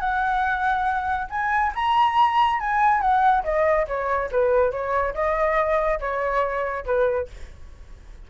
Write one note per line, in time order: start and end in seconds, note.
0.00 1.28 F#5
1.30 1.73 G#5
1.75 2.60 A#5
2.60 3.01 G#5
3.01 3.44 F#5
3.44 3.86 D#5
3.87 4.30 C#5
4.32 4.71 B4
4.71 5.14 C#5
5.14 5.99 D#5
6.00 6.85 C#5
6.85 7.28 B4